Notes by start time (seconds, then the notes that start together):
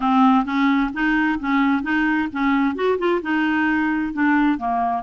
0.00 C4
0.45 C#4
0.93 D#4
1.39 C#4
1.82 D#4
2.32 C#4
2.75 F#4
2.98 F4
3.22 D#4
4.13 D4
4.58 A#3